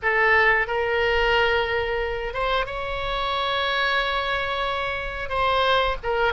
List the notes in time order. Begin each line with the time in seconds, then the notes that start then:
0.02 A4
0.67 A#4
2.33 C5
2.65 C#5
5.29 C5
6.03 A#4